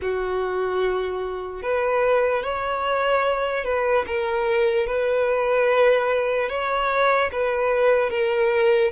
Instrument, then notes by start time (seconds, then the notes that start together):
violin
0.01 F#4
1.62 B4
2.43 C#5
3.64 B4
4.07 A#4
4.86 B4
6.49 C#5
7.32 B4
8.10 A#4